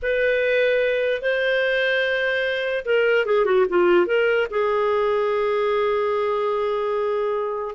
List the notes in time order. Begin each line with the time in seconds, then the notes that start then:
0.02 B4
1.21 C5
2.85 A#4
3.25 G#4
3.45 F#4
3.69 F4
4.06 A#4
4.50 G#4